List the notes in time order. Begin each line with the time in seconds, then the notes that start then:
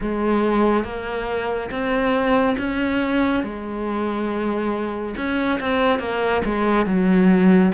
0.00 G#3
0.84 A#3
1.70 C4
2.58 C#4
3.43 G#3
5.16 C#4
5.59 C4
5.99 A#3
6.44 G#3
6.86 F#3